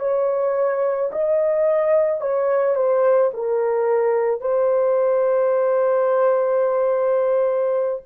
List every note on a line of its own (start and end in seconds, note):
0.00 1.11 C#5
1.12 2.21 D#5
2.21 2.76 C#5
2.76 3.31 C5
3.34 4.41 A#4
4.41 8.02 C5